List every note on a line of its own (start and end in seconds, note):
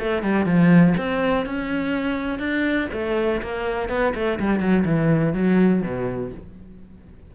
0.00 0.23 A3
0.23 0.46 G3
0.46 0.94 F3
0.98 1.46 C4
1.46 2.39 C#4
2.39 2.88 D4
2.93 3.42 A3
3.42 3.90 A#3
3.90 4.14 B3
4.15 4.39 A3
4.40 4.60 G3
4.60 4.85 F#3
4.86 5.34 E3
5.34 5.82 F#3
5.83 6.32 B2